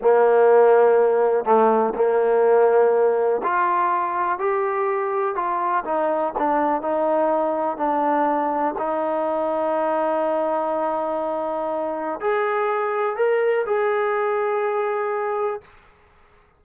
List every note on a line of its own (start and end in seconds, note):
0.01 1.44 A#3
1.44 1.93 A3
1.95 3.41 A#3
3.43 4.38 F4
4.38 5.35 G4
5.35 5.84 F4
5.84 6.33 D#4
6.38 6.81 D4
6.81 7.77 D#4
7.77 8.74 D4
8.78 12.20 D#4
12.20 13.16 G#4
13.16 13.65 A#4
13.66 15.61 G#4